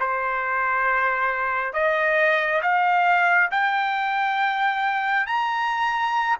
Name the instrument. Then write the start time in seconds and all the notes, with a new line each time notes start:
trumpet
0.00 C5
1.73 D#5
2.62 F5
3.51 G5
5.27 A#5